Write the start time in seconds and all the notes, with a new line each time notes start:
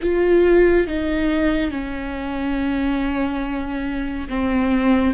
0.02 F4
0.86 D#4
1.71 C#4
4.29 C4